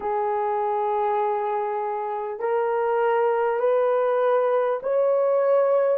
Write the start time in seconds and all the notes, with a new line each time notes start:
0.00 G#4
2.39 A#4
3.59 B4
4.82 C#5